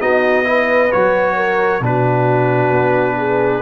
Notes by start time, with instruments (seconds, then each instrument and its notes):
0.00 tuba B3, trombone D#4, horn F#4, trumpet D#5
0.44 trombone E4, horn B4
0.91 tuba F#3, trombone F#4, trumpet C#5
1.36 horn A#4
1.80 tuba B2, trombone D4, horn F#4, trumpet B4
2.70 tuba B3
3.16 horn G#4